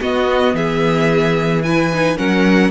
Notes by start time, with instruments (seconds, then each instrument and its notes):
0.00 viola B3, cello B3, violin F#4 D#5
0.53 cello E3, violin G#4 E5
1.62 viola E4, violin B4 G#5
1.93 viola D#4
2.16 cello F#3, viola C#4, violin A#4 F#5